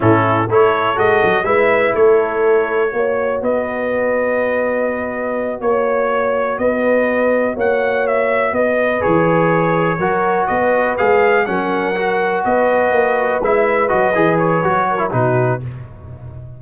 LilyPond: <<
  \new Staff \with { instrumentName = "trumpet" } { \time 4/4 \tempo 4 = 123 a'4 cis''4 dis''4 e''4 | cis''2. dis''4~ | dis''2.~ dis''8 cis''8~ | cis''4. dis''2 fis''8~ |
fis''8 e''4 dis''4 cis''4.~ | cis''4. dis''4 f''4 fis''8~ | fis''4. dis''2 e''8~ | e''8 dis''4 cis''4. b'4 | }
  \new Staff \with { instrumentName = "horn" } { \time 4/4 e'4 a'2 b'4 | a'2 cis''4 b'4~ | b'2.~ b'8 cis''8~ | cis''4. b'2 cis''8~ |
cis''4. b'2~ b'8~ | b'8 ais'4 b'2 ais'8~ | ais'4. b'2~ b'8~ | b'2~ b'8 ais'8 fis'4 | }
  \new Staff \with { instrumentName = "trombone" } { \time 4/4 cis'4 e'4 fis'4 e'4~ | e'2 fis'2~ | fis'1~ | fis'1~ |
fis'2~ fis'8 gis'4.~ | gis'8 fis'2 gis'4 cis'8~ | cis'8 fis'2. e'8~ | e'8 fis'8 gis'4 fis'8. e'16 dis'4 | }
  \new Staff \with { instrumentName = "tuba" } { \time 4/4 a,4 a4 gis8 fis8 gis4 | a2 ais4 b4~ | b2.~ b8 ais8~ | ais4. b2 ais8~ |
ais4. b4 e4.~ | e8 fis4 b4 gis4 fis8~ | fis4. b4 ais4 gis8~ | gis8 fis8 e4 fis4 b,4 | }
>>